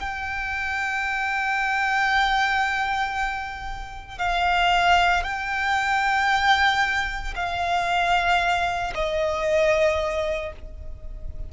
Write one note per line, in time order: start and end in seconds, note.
0.00 4.19 G5
4.19 5.24 F5
5.24 7.34 G5
7.36 8.94 F5
8.95 10.53 D#5